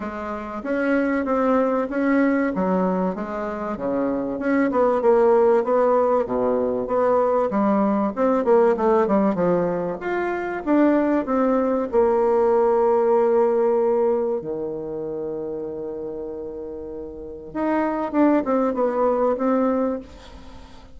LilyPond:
\new Staff \with { instrumentName = "bassoon" } { \time 4/4 \tempo 4 = 96 gis4 cis'4 c'4 cis'4 | fis4 gis4 cis4 cis'8 b8 | ais4 b4 b,4 b4 | g4 c'8 ais8 a8 g8 f4 |
f'4 d'4 c'4 ais4~ | ais2. dis4~ | dis1 | dis'4 d'8 c'8 b4 c'4 | }